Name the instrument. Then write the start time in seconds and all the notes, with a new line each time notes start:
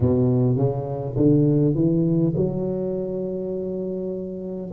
tuba
0.00 B2
0.56 C#3
1.16 D3
1.74 E3
2.35 F#3